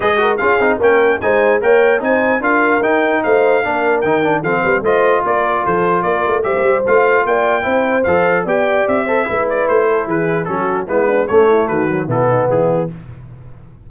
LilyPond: <<
  \new Staff \with { instrumentName = "trumpet" } { \time 4/4 \tempo 4 = 149 dis''4 f''4 g''4 gis''4 | g''4 gis''4 f''4 g''4 | f''2 g''4 f''4 | dis''4 d''4 c''4 d''4 |
e''4 f''4 g''2 | f''4 g''4 e''4. d''8 | c''4 b'4 a'4 b'4 | cis''4 b'4 a'4 gis'4 | }
  \new Staff \with { instrumentName = "horn" } { \time 4/4 b'8 ais'8 gis'4 ais'4 c''4 | cis''4 c''4 ais'2 | c''4 ais'2 a'8 b'8 | c''4 ais'4 a'4 ais'4 |
c''2 d''4 c''4~ | c''4 d''4. c''8 b'4~ | b'8 a'8 gis'4 fis'4 e'8 d'8 | cis'8 e'8 fis'4 e'8 dis'8 e'4 | }
  \new Staff \with { instrumentName = "trombone" } { \time 4/4 gis'8 fis'8 f'8 dis'8 cis'4 dis'4 | ais'4 dis'4 f'4 dis'4~ | dis'4 d'4 dis'8 d'8 c'4 | f'1 |
g'4 f'2 e'4 | a'4 g'4. a'8 e'4~ | e'2 cis'4 b4 | a4. fis8 b2 | }
  \new Staff \with { instrumentName = "tuba" } { \time 4/4 gis4 cis'8 c'8 ais4 gis4 | ais4 c'4 d'4 dis'4 | a4 ais4 dis4 f8 g8 | a4 ais4 f4 ais8 a8 |
g16 ais16 g8 a4 ais4 c'4 | f4 b4 c'4 gis4 | a4 e4 fis4 gis4 | a4 dis4 b,4 e4 | }
>>